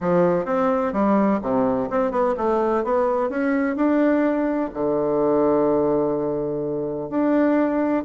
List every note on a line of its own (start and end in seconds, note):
0.00 0.45 F3
0.45 0.92 C4
0.92 1.40 G3
1.42 1.89 C3
1.89 2.11 C4
2.11 2.35 B3
2.37 2.84 A3
2.84 3.29 B3
3.29 3.76 C#4
3.76 4.70 D4
4.73 7.09 D3
7.09 8.04 D4